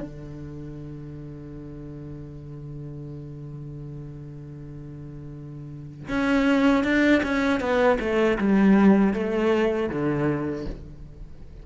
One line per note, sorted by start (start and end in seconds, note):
0.00 6.08 D3
6.08 6.84 C#4
6.84 7.22 D4
7.23 7.60 C#4
7.60 7.98 B3
7.99 8.37 A3
8.38 9.13 G3
9.13 9.89 A3
9.89 10.65 D3